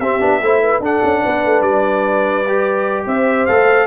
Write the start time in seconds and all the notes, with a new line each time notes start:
0.00 C4 G4 E5
0.20 B3 D4
0.41 A3 E4 C5
0.62 B4
0.80 D4 A4 F#5
1.04 C#4
1.23 B3 B4
1.45 A3
1.61 G3 D5
2.48 G4
3.06 C4 C5 E5
3.46 A3 A4 F5